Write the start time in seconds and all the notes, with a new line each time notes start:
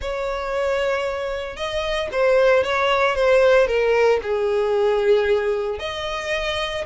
0.01 C#5
1.56 D#5
2.11 C5
2.63 C#5
3.15 C5
3.67 A#4
4.22 G#4
5.79 D#5